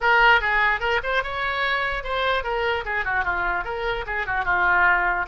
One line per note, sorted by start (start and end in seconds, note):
0.01 0.41 A#4
0.41 0.80 G#4
0.80 1.00 A#4
1.03 1.23 C5
1.23 2.03 C#5
2.03 2.43 C5
2.43 2.84 A#4
2.85 3.04 G#4
3.04 3.24 F#4
3.24 3.64 F4
3.64 4.05 A#4
4.06 4.26 G#4
4.26 4.44 F#4
4.44 5.26 F4